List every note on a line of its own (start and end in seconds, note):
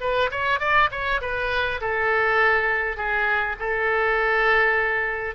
0.00 0.30 B4
0.31 0.59 C#5
0.59 0.89 D5
0.91 1.20 C#5
1.21 1.80 B4
1.80 2.96 A4
2.96 3.56 G#4
3.59 5.35 A4